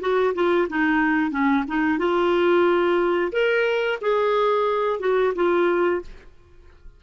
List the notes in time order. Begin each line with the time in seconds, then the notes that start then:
0.00 F#4
0.34 F4
0.69 D#4
1.31 C#4
1.67 D#4
1.98 F4
3.32 A#4
4.01 G#4
4.99 F#4
5.35 F4